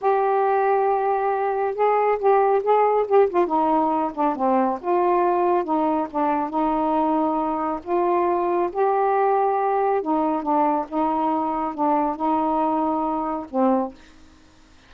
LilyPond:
\new Staff \with { instrumentName = "saxophone" } { \time 4/4 \tempo 4 = 138 g'1 | gis'4 g'4 gis'4 g'8 f'8 | dis'4. d'8 c'4 f'4~ | f'4 dis'4 d'4 dis'4~ |
dis'2 f'2 | g'2. dis'4 | d'4 dis'2 d'4 | dis'2. c'4 | }